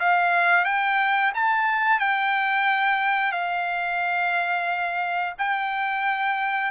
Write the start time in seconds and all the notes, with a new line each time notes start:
0.00 F5
0.65 G5
1.35 A5
2.00 G5
3.32 F5
5.39 G5